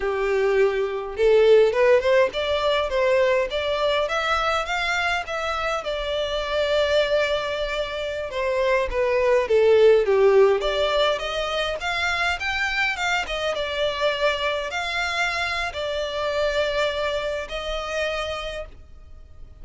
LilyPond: \new Staff \with { instrumentName = "violin" } { \time 4/4 \tempo 4 = 103 g'2 a'4 b'8 c''8 | d''4 c''4 d''4 e''4 | f''4 e''4 d''2~ | d''2~ d''16 c''4 b'8.~ |
b'16 a'4 g'4 d''4 dis''8.~ | dis''16 f''4 g''4 f''8 dis''8 d''8.~ | d''4~ d''16 f''4.~ f''16 d''4~ | d''2 dis''2 | }